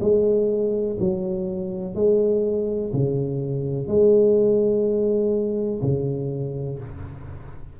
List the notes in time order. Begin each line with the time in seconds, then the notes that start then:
0.00 G#3
0.99 F#3
1.94 G#3
2.93 C#3
3.87 G#3
5.82 C#3